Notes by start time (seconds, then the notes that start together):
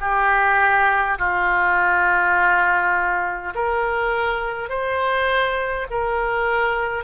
0.00 G4
1.18 F4
3.55 A#4
4.69 C5
5.90 A#4